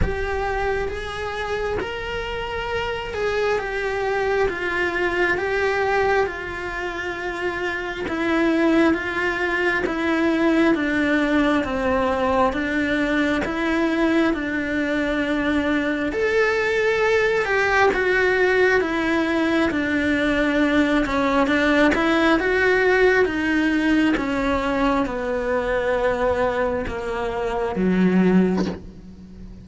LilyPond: \new Staff \with { instrumentName = "cello" } { \time 4/4 \tempo 4 = 67 g'4 gis'4 ais'4. gis'8 | g'4 f'4 g'4 f'4~ | f'4 e'4 f'4 e'4 | d'4 c'4 d'4 e'4 |
d'2 a'4. g'8 | fis'4 e'4 d'4. cis'8 | d'8 e'8 fis'4 dis'4 cis'4 | b2 ais4 fis4 | }